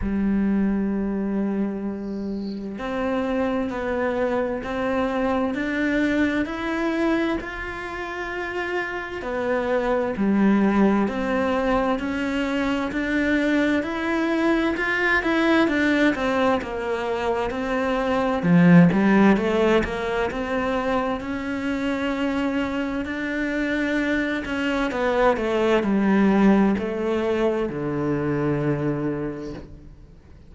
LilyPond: \new Staff \with { instrumentName = "cello" } { \time 4/4 \tempo 4 = 65 g2. c'4 | b4 c'4 d'4 e'4 | f'2 b4 g4 | c'4 cis'4 d'4 e'4 |
f'8 e'8 d'8 c'8 ais4 c'4 | f8 g8 a8 ais8 c'4 cis'4~ | cis'4 d'4. cis'8 b8 a8 | g4 a4 d2 | }